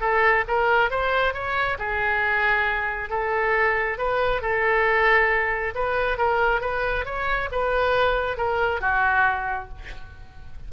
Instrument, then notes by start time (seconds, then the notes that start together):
oboe
0.00 A4
0.47 A#4
0.90 C5
1.33 C#5
1.78 G#4
3.09 A4
3.97 B4
4.41 A4
5.75 B4
6.17 A#4
6.61 B4
7.05 C#5
7.51 B4
8.37 A#4
8.80 F#4